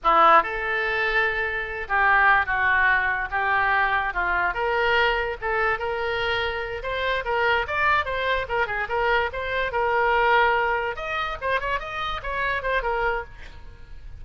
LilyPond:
\new Staff \with { instrumentName = "oboe" } { \time 4/4 \tempo 4 = 145 e'4 a'2.~ | a'8 g'4. fis'2 | g'2 f'4 ais'4~ | ais'4 a'4 ais'2~ |
ais'8 c''4 ais'4 d''4 c''8~ | c''8 ais'8 gis'8 ais'4 c''4 ais'8~ | ais'2~ ais'8 dis''4 c''8 | cis''8 dis''4 cis''4 c''8 ais'4 | }